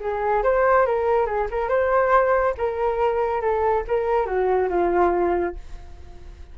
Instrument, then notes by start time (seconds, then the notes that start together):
flute
0.00 G#4
0.43 C5
0.86 A#4
1.26 G#4
1.51 A#4
1.69 C5
2.57 A#4
3.41 A4
3.88 A#4
4.26 F#4
4.69 F4